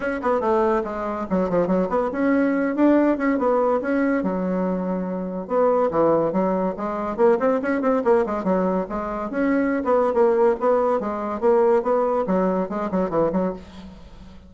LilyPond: \new Staff \with { instrumentName = "bassoon" } { \time 4/4 \tempo 4 = 142 cis'8 b8 a4 gis4 fis8 f8 | fis8 b8 cis'4. d'4 cis'8 | b4 cis'4 fis2~ | fis4 b4 e4 fis4 |
gis4 ais8 c'8 cis'8 c'8 ais8 gis8 | fis4 gis4 cis'4~ cis'16 b8. | ais4 b4 gis4 ais4 | b4 fis4 gis8 fis8 e8 fis8 | }